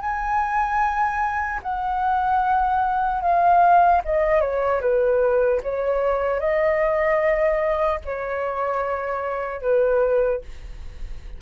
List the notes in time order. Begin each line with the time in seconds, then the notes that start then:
0.00 G#5
1.62 F#5
3.21 F5
4.04 D#5
4.40 C#5
4.81 B4
5.62 C#5
6.39 D#5
8.05 C#5
9.61 B4